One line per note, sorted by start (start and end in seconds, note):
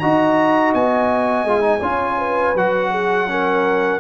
0.00 0.74 D#4
0.00 1.48 F#4
0.00 1.80 D#5
0.00 0.73 A#5
0.74 1.45 B3
0.74 2.57 G#5
1.45 1.81 G#3
1.45 1.61 F4
1.61 1.79 D#4
1.80 2.54 C#4
1.80 2.56 F4
1.80 2.17 C#5
2.18 2.91 B4
2.54 4.00 F#3
2.54 3.28 F#4
2.54 4.00 F#5
2.91 3.28 G#4
3.28 4.00 C#4
3.28 4.00 A#4